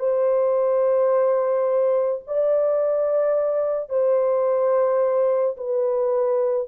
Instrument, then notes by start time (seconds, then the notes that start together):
horn
0.00 C5
2.27 D5
3.90 C5
5.57 B4